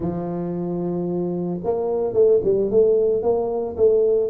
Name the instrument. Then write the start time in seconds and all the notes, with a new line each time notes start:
tuba
0.00 F3
1.64 A#3
2.13 A3
2.44 G3
2.70 A3
3.22 A#3
3.76 A3